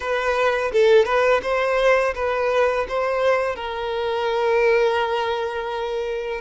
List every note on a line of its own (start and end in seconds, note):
0.00 0.71 B4
0.72 1.05 A4
1.05 1.41 B4
1.42 2.14 C5
2.15 2.86 B4
2.88 3.55 C5
3.55 6.41 A#4